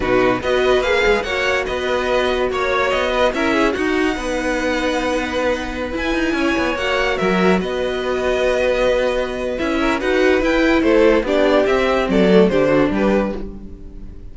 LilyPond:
<<
  \new Staff \with { instrumentName = "violin" } { \time 4/4 \tempo 4 = 144 b'4 dis''4 f''4 fis''4 | dis''2 cis''4 dis''4 | e''4 fis''2.~ | fis''2~ fis''16 gis''4.~ gis''16~ |
gis''16 fis''4 e''4 dis''4.~ dis''16~ | dis''2. e''4 | fis''4 g''4 c''4 d''4 | e''4 d''4 c''4 b'4 | }
  \new Staff \with { instrumentName = "violin" } { \time 4/4 fis'4 b'2 cis''4 | b'2 cis''4. b'8 | ais'8 gis'8 fis'4 b'2~ | b'2.~ b'16 cis''8.~ |
cis''4~ cis''16 ais'4 b'4.~ b'16~ | b'2.~ b'8 ais'8 | b'2 a'4 g'4~ | g'4 a'4 g'8 fis'8 g'4 | }
  \new Staff \with { instrumentName = "viola" } { \time 4/4 dis'4 fis'4 gis'4 fis'4~ | fis'1 | e'4 dis'2.~ | dis'2~ dis'16 e'4.~ e'16~ |
e'16 fis'2.~ fis'8.~ | fis'2. e'4 | fis'4 e'2 d'4 | c'4. a8 d'2 | }
  \new Staff \with { instrumentName = "cello" } { \time 4/4 b,4 b4 ais8 gis8 ais4 | b2 ais4 b4 | cis'4 dis'4 b2~ | b2~ b16 e'8 dis'8 cis'8 b16~ |
b16 ais4 fis4 b4.~ b16~ | b2. cis'4 | dis'4 e'4 a4 b4 | c'4 fis4 d4 g4 | }
>>